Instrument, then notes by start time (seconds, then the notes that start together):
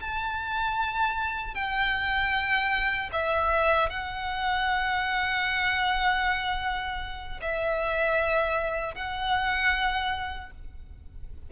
violin
0.00 A5
1.54 G5
3.12 E5
3.89 F#5
7.41 E5
8.94 F#5